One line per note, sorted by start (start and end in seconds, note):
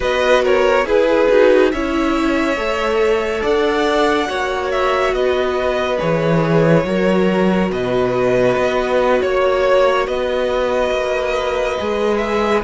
0.00 0.84 B3
0.00 0.84 F#4
0.00 0.42 B4
0.00 0.44 D#5
0.42 0.85 A#4
0.42 0.87 C#5
0.84 1.27 E4
0.84 1.26 G#4
0.84 1.72 G#4
0.84 1.71 B4
1.29 1.73 D#4
1.29 1.72 F#4
1.71 2.56 C#4
1.71 2.57 E4
1.71 3.41 C#5
1.71 3.42 E5
2.56 3.42 A3
2.56 4.26 A4
3.41 4.29 D4
3.41 4.27 D5
3.41 4.71 F#5
4.26 5.12 A#3
4.26 5.97 F#4
4.26 5.14 C#5
4.71 5.14 E5
5.12 5.98 B3
5.12 6.86 B4
5.12 5.99 D#5
5.98 6.84 E3
5.98 6.84 G#4
5.98 7.70 C#5
6.84 7.69 F#3
6.84 11.77 F#4
6.84 7.71 A#4
7.70 8.56 B2
7.70 9.21 B4
7.70 9.21 D#5
8.56 9.21 B3
9.21 10.07 A#3
9.21 10.07 C#5
10.07 10.91 B3
10.07 12.63 B4
10.07 12.17 D#5
10.91 11.76 A#3
11.77 12.63 G#3
11.77 12.63 G#4
12.17 12.60 E5